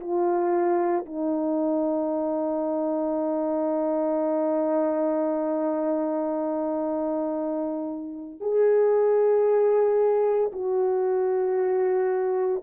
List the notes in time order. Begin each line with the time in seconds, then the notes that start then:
0.00 F4
1.06 D#4
8.41 G#4
10.53 F#4